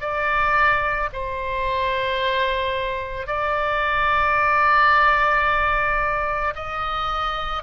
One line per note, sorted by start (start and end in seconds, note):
0.00 1.09 D5
1.13 3.26 C5
3.26 6.54 D5
6.55 7.63 D#5